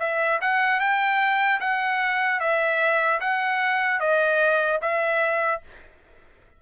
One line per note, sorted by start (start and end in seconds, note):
0.00 0.40 E5
0.41 0.80 F#5
0.80 1.60 G5
1.61 2.40 F#5
2.40 3.20 E5
3.21 4.00 F#5
4.00 4.80 D#5
4.82 5.62 E5